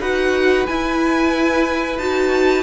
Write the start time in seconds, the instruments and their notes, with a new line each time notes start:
0.00 cello D#4, viola F#4, violin B4 F#5
0.66 viola E4, cello E4, violin G#5
1.98 cello D#4, viola F#4, violin A5